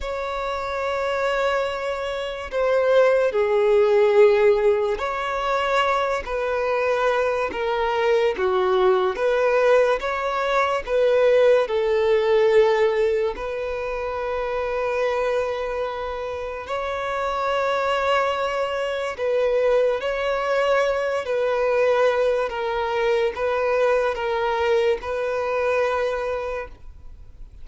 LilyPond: \new Staff \with { instrumentName = "violin" } { \time 4/4 \tempo 4 = 72 cis''2. c''4 | gis'2 cis''4. b'8~ | b'4 ais'4 fis'4 b'4 | cis''4 b'4 a'2 |
b'1 | cis''2. b'4 | cis''4. b'4. ais'4 | b'4 ais'4 b'2 | }